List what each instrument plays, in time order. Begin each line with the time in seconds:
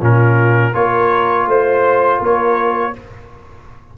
0.00 tuba A#2, trombone C#4, horn F4, trumpet A#4
0.74 tuba A#3, trombone F4, horn A#4, trumpet C#5
1.46 tuba A3, horn C5, trumpet C5
2.19 tuba A#3, horn A#4, trumpet C#5